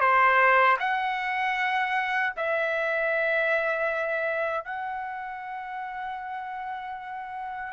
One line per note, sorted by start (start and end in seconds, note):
0.00 0.77 C5
0.79 2.33 F#5
2.36 4.64 E5
4.64 7.72 F#5